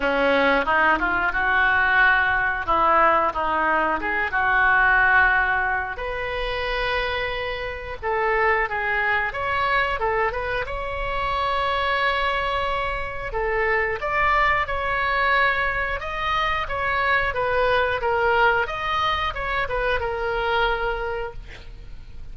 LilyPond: \new Staff \with { instrumentName = "oboe" } { \time 4/4 \tempo 4 = 90 cis'4 dis'8 f'8 fis'2 | e'4 dis'4 gis'8 fis'4.~ | fis'4 b'2. | a'4 gis'4 cis''4 a'8 b'8 |
cis''1 | a'4 d''4 cis''2 | dis''4 cis''4 b'4 ais'4 | dis''4 cis''8 b'8 ais'2 | }